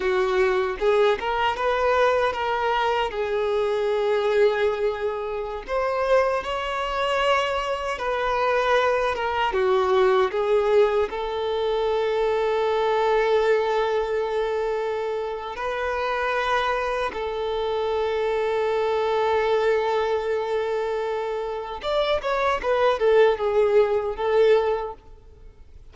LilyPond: \new Staff \with { instrumentName = "violin" } { \time 4/4 \tempo 4 = 77 fis'4 gis'8 ais'8 b'4 ais'4 | gis'2.~ gis'16 c''8.~ | c''16 cis''2 b'4. ais'16~ | ais'16 fis'4 gis'4 a'4.~ a'16~ |
a'1 | b'2 a'2~ | a'1 | d''8 cis''8 b'8 a'8 gis'4 a'4 | }